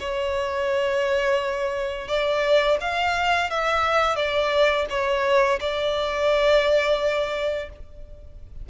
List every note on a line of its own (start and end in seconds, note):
0.00 2.08 C#5
2.08 2.78 D5
2.81 3.50 F5
3.50 4.16 E5
4.16 4.86 D5
4.90 5.60 C#5
5.60 7.70 D5